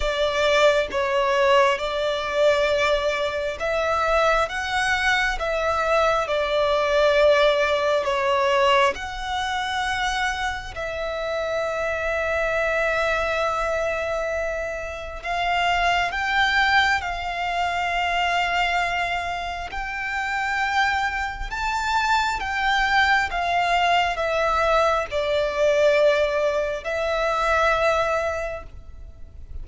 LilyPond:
\new Staff \with { instrumentName = "violin" } { \time 4/4 \tempo 4 = 67 d''4 cis''4 d''2 | e''4 fis''4 e''4 d''4~ | d''4 cis''4 fis''2 | e''1~ |
e''4 f''4 g''4 f''4~ | f''2 g''2 | a''4 g''4 f''4 e''4 | d''2 e''2 | }